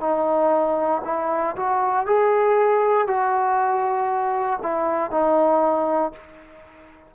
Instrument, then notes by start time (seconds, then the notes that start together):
trombone
0.00 D#4
1.05 E4
1.56 F#4
2.06 G#4
3.07 F#4
4.63 E4
5.11 D#4